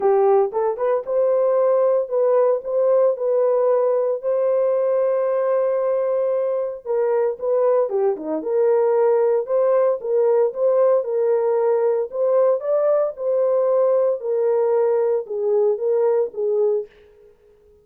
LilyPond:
\new Staff \with { instrumentName = "horn" } { \time 4/4 \tempo 4 = 114 g'4 a'8 b'8 c''2 | b'4 c''4 b'2 | c''1~ | c''4 ais'4 b'4 g'8 dis'8 |
ais'2 c''4 ais'4 | c''4 ais'2 c''4 | d''4 c''2 ais'4~ | ais'4 gis'4 ais'4 gis'4 | }